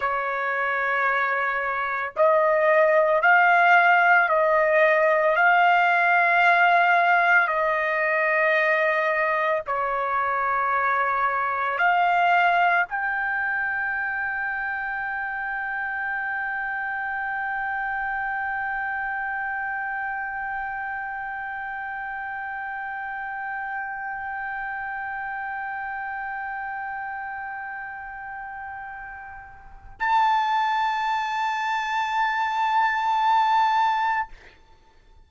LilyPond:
\new Staff \with { instrumentName = "trumpet" } { \time 4/4 \tempo 4 = 56 cis''2 dis''4 f''4 | dis''4 f''2 dis''4~ | dis''4 cis''2 f''4 | g''1~ |
g''1~ | g''1~ | g''1 | a''1 | }